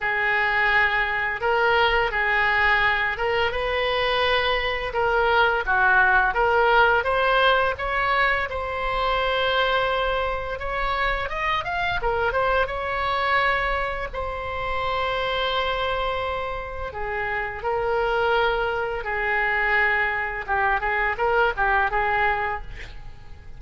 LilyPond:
\new Staff \with { instrumentName = "oboe" } { \time 4/4 \tempo 4 = 85 gis'2 ais'4 gis'4~ | gis'8 ais'8 b'2 ais'4 | fis'4 ais'4 c''4 cis''4 | c''2. cis''4 |
dis''8 f''8 ais'8 c''8 cis''2 | c''1 | gis'4 ais'2 gis'4~ | gis'4 g'8 gis'8 ais'8 g'8 gis'4 | }